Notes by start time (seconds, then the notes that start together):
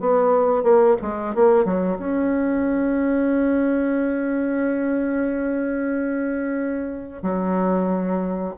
0.00 B3
0.64 A#3
1.02 G#3
1.35 A#3
1.65 F#3
1.99 C#4
7.23 F#3